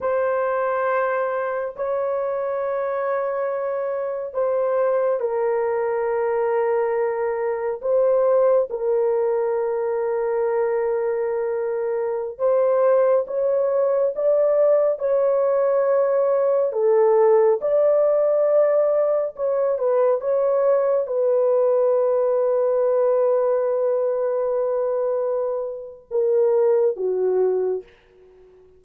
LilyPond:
\new Staff \with { instrumentName = "horn" } { \time 4/4 \tempo 4 = 69 c''2 cis''2~ | cis''4 c''4 ais'2~ | ais'4 c''4 ais'2~ | ais'2~ ais'16 c''4 cis''8.~ |
cis''16 d''4 cis''2 a'8.~ | a'16 d''2 cis''8 b'8 cis''8.~ | cis''16 b'2.~ b'8.~ | b'2 ais'4 fis'4 | }